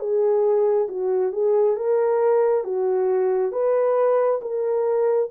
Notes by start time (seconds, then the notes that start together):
0.00 G#4
0.89 F#4
1.33 G#4
1.76 A#4
2.65 F#4
3.53 B4
4.42 A#4